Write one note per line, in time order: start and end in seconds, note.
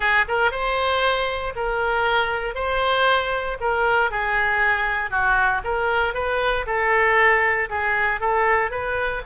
0.00 0.24 G#4
0.28 0.51 A#4
0.51 1.53 C5
1.55 2.55 A#4
2.55 3.57 C5
3.60 4.10 A#4
4.10 5.10 G#4
5.10 5.61 F#4
5.64 6.14 A#4
6.14 6.65 B4
6.66 7.69 A4
7.69 8.20 G#4
8.20 8.70 A4
8.70 9.22 B4